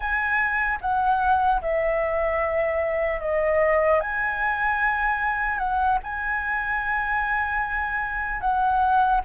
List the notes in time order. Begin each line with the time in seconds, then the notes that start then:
0.00 G#5
0.81 F#5
1.61 E5
3.20 D#5
4.00 G#5
5.58 F#5
6.03 G#5
8.40 F#5